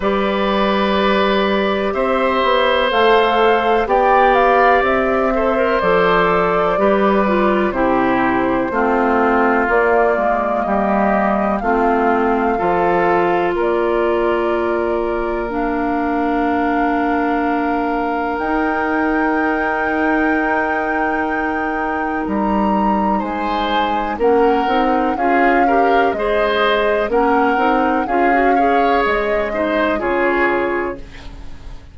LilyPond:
<<
  \new Staff \with { instrumentName = "flute" } { \time 4/4 \tempo 4 = 62 d''2 e''4 f''4 | g''8 f''8 e''4 d''2 | c''2 d''4 dis''4 | f''2 d''2 |
f''2. g''4~ | g''2. ais''4 | gis''4 fis''4 f''4 dis''4 | fis''4 f''4 dis''4 cis''4 | }
  \new Staff \with { instrumentName = "oboe" } { \time 4/4 b'2 c''2 | d''4. c''4. b'4 | g'4 f'2 g'4 | f'4 a'4 ais'2~ |
ais'1~ | ais'1 | c''4 ais'4 gis'8 ais'8 c''4 | ais'4 gis'8 cis''4 c''8 gis'4 | }
  \new Staff \with { instrumentName = "clarinet" } { \time 4/4 g'2. a'4 | g'4. a'16 ais'16 a'4 g'8 f'8 | e'4 c'4 ais2 | c'4 f'2. |
d'2. dis'4~ | dis'1~ | dis'4 cis'8 dis'8 f'8 g'8 gis'4 | cis'8 dis'8 f'16 fis'16 gis'4 dis'8 f'4 | }
  \new Staff \with { instrumentName = "bassoon" } { \time 4/4 g2 c'8 b8 a4 | b4 c'4 f4 g4 | c4 a4 ais8 gis8 g4 | a4 f4 ais2~ |
ais2. dis'4~ | dis'2. g4 | gis4 ais8 c'8 cis'4 gis4 | ais8 c'8 cis'4 gis4 cis4 | }
>>